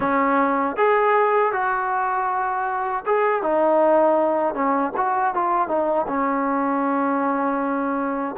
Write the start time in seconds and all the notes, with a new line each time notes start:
0.00 C#4
0.76 G#4
1.52 F#4
3.06 G#4
3.42 D#4
4.54 C#4
4.96 F#4
5.34 F4
5.68 D#4
6.07 C#4